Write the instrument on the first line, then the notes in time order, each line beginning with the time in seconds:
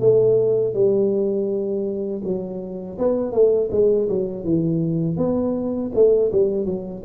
tuba
0.00 A3
0.74 G3
2.24 F#3
2.99 B3
3.33 A3
3.72 G#3
4.09 F#3
4.44 E3
5.18 B3
5.95 A3
6.32 G3
6.66 F#3